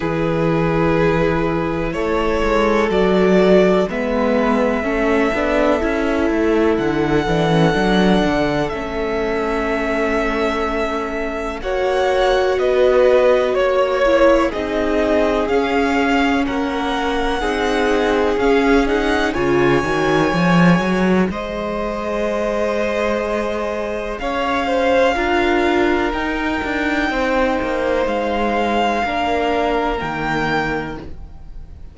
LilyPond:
<<
  \new Staff \with { instrumentName = "violin" } { \time 4/4 \tempo 4 = 62 b'2 cis''4 d''4 | e''2. fis''4~ | fis''4 e''2. | fis''4 dis''4 cis''4 dis''4 |
f''4 fis''2 f''8 fis''8 | gis''2 dis''2~ | dis''4 f''2 g''4~ | g''4 f''2 g''4 | }
  \new Staff \with { instrumentName = "violin" } { \time 4/4 gis'2 a'2 | b'4 a'2.~ | a'1 | cis''4 b'4 cis''4 gis'4~ |
gis'4 ais'4 gis'2 | cis''2 c''2~ | c''4 cis''8 c''8 ais'2 | c''2 ais'2 | }
  \new Staff \with { instrumentName = "viola" } { \time 4/4 e'2. fis'4 | b4 cis'8 d'8 e'4. d'16 cis'16 | d'4 cis'2. | fis'2~ fis'8 e'8 dis'4 |
cis'2 dis'4 cis'8 dis'8 | f'8 fis'8 gis'2.~ | gis'2 f'4 dis'4~ | dis'2 d'4 ais4 | }
  \new Staff \with { instrumentName = "cello" } { \time 4/4 e2 a8 gis8 fis4 | gis4 a8 b8 cis'8 a8 d8 e8 | fis8 d8 a2. | ais4 b4 ais4 c'4 |
cis'4 ais4 c'4 cis'4 | cis8 dis8 f8 fis8 gis2~ | gis4 cis'4 d'4 dis'8 d'8 | c'8 ais8 gis4 ais4 dis4 | }
>>